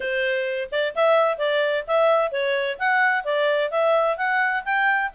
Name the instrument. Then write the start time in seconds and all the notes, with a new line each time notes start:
clarinet
0.00 C5
0.71 D5
0.95 E5
1.38 D5
1.87 E5
2.31 C#5
2.78 F#5
3.24 D5
3.71 E5
4.17 F#5
4.64 G5